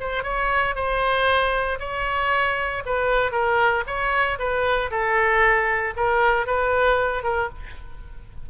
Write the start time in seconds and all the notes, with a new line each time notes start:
0.00 C5
0.24 C#5
0.75 C5
1.80 C#5
2.86 B4
3.32 A#4
3.87 C#5
4.39 B4
4.91 A4
5.96 A#4
6.47 B4
7.23 A#4